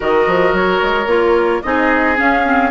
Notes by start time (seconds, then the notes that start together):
0.00 D#3 F#4 A#4 D#5
0.27 F3
0.52 F#3 C#5
0.82 G#3
1.06 A#3 F4
1.62 C4 D#4 G#4 D#5
2.16 C#4 F5
2.44 C4